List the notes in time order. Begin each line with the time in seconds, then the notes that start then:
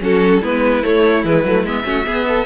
0.00 F#3 C#4 F#4 A4
0.41 G#3 B3 E4 B4
0.82 A3 C#5
1.24 E3 G#3 B4
1.44 F#3 A3
1.63 G#3 B3 E5
1.84 A3 C#4 F#4
2.05 B3 G#4
2.27 A4